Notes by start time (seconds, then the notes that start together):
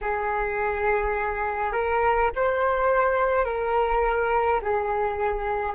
0.01 G#4
1.72 A#4
2.35 C5
3.45 A#4
4.62 G#4